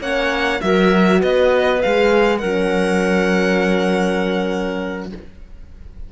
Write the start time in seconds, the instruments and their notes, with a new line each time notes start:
0.00 cello A#3, horn C#4, clarinet C#5, violin F#5
0.61 cello F#3, horn F#4, clarinet A#4, violin E5
1.20 cello B3, clarinet B4, violin D#5
1.82 cello G#3, horn G#4, violin F5
2.38 cello F#3, horn C#4, clarinet A#4, violin F#5